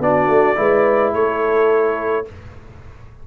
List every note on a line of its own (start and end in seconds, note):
0.00 0.28 B3
0.00 0.56 D4
0.00 0.58 F#4
0.00 1.15 D5
0.28 0.57 A3
0.56 1.14 G#3
0.56 2.26 E4
0.56 1.14 B4
1.14 2.27 A3
1.14 2.27 A4
1.14 2.28 C#5